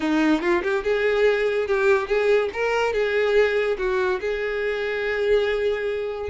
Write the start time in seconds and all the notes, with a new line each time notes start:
0.00 D#4
0.41 F4
0.62 G4
0.83 G#4
1.67 G4
2.07 G#4
2.53 A#4
2.93 G#4
3.77 F#4
4.20 G#4